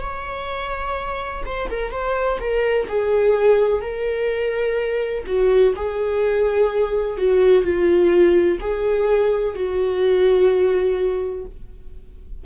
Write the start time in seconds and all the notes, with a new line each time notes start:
0.00 C#5
1.45 C5
1.70 A#4
1.91 C5
2.39 A#4
2.88 G#4
3.81 A#4
5.26 F#4
5.75 G#4
7.17 F#4
7.63 F4
8.60 G#4
9.54 F#4